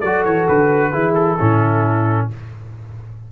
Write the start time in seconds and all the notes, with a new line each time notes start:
0.00 F#3 F#4 A4 D5
0.25 E3 C#5
0.48 D3 B4
0.92 E3 E4 G#4
1.15 A4
1.38 A2 C#4 E4